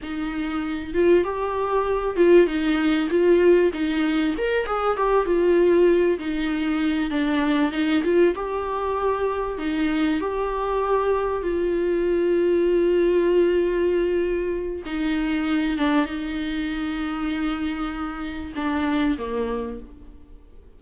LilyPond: \new Staff \with { instrumentName = "viola" } { \time 4/4 \tempo 4 = 97 dis'4. f'8 g'4. f'8 | dis'4 f'4 dis'4 ais'8 gis'8 | g'8 f'4. dis'4. d'8~ | d'8 dis'8 f'8 g'2 dis'8~ |
dis'8 g'2 f'4.~ | f'1 | dis'4. d'8 dis'2~ | dis'2 d'4 ais4 | }